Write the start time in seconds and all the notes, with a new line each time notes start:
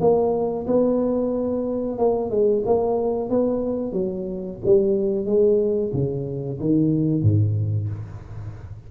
0.00 A#3
0.67 B3
1.98 A#3
2.30 G#3
2.66 A#3
3.29 B3
3.92 F#3
4.65 G3
5.25 G#3
5.93 C#3
6.60 D#3
7.22 G#2